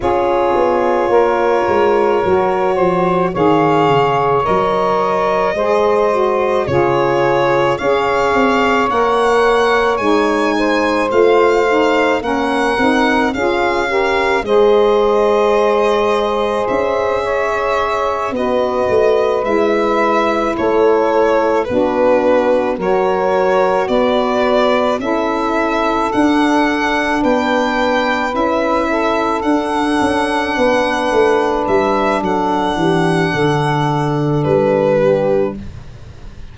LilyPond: <<
  \new Staff \with { instrumentName = "violin" } { \time 4/4 \tempo 4 = 54 cis''2. f''4 | dis''2 cis''4 f''4 | fis''4 gis''4 f''4 fis''4 | f''4 dis''2 e''4~ |
e''8 dis''4 e''4 cis''4 b'8~ | b'8 cis''4 d''4 e''4 fis''8~ | fis''8 g''4 e''4 fis''4.~ | fis''8 e''8 fis''2 b'4 | }
  \new Staff \with { instrumentName = "saxophone" } { \time 4/4 gis'4 ais'4. c''8 cis''4~ | cis''4 c''4 gis'4 cis''4~ | cis''4. c''4. ais'4 | gis'8 ais'8 c''2~ c''8 cis''8~ |
cis''8 b'2 a'4 fis'8~ | fis'8 ais'4 b'4 a'4.~ | a'8 b'4. a'4. b'8~ | b'4 a'8 g'8 a'4. g'8 | }
  \new Staff \with { instrumentName = "saxophone" } { \time 4/4 f'2 fis'4 gis'4 | ais'4 gis'8 fis'8 f'4 gis'4 | ais'4 dis'4 f'8 dis'8 cis'8 dis'8 | f'8 g'8 gis'2.~ |
gis'8 fis'4 e'2 d'8~ | d'8 fis'2 e'4 d'8~ | d'4. e'4 d'4.~ | d'1 | }
  \new Staff \with { instrumentName = "tuba" } { \time 4/4 cis'8 b8 ais8 gis8 fis8 f8 dis8 cis8 | fis4 gis4 cis4 cis'8 c'8 | ais4 gis4 a4 ais8 c'8 | cis'4 gis2 cis'4~ |
cis'8 b8 a8 gis4 a4 b8~ | b8 fis4 b4 cis'4 d'8~ | d'8 b4 cis'4 d'8 cis'8 b8 | a8 g8 fis8 e8 d4 g4 | }
>>